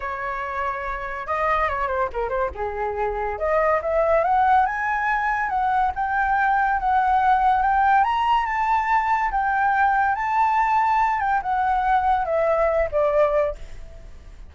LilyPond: \new Staff \with { instrumentName = "flute" } { \time 4/4 \tempo 4 = 142 cis''2. dis''4 | cis''8 c''8 ais'8 c''8 gis'2 | dis''4 e''4 fis''4 gis''4~ | gis''4 fis''4 g''2 |
fis''2 g''4 ais''4 | a''2 g''2 | a''2~ a''8 g''8 fis''4~ | fis''4 e''4. d''4. | }